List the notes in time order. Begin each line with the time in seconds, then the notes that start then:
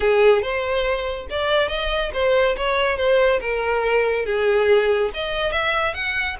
0.00 G#4
0.42 C5
1.30 D5
1.68 D#5
2.13 C5
2.56 C#5
2.97 C5
3.40 A#4
4.25 G#4
5.14 D#5
5.52 E5
5.94 F#5